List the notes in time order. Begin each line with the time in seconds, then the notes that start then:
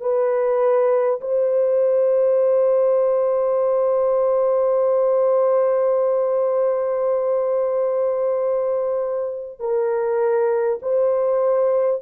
0.00 B4
1.21 C5
9.59 A#4
10.82 C5